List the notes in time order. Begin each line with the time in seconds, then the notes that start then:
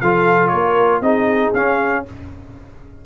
0.00 F3 F4 A4 F5
0.48 A#3 A#4 C#5
1.01 C4 D#4 G#4 D#5
1.53 C#4 F5